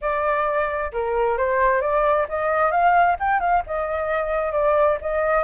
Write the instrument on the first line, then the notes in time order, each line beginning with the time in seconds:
flute
0.01 D5
0.92 A#4
1.37 C5
1.81 D5
2.29 D#5
2.71 F5
3.19 G5
3.39 F5
3.66 D#5
4.52 D5
5.01 D#5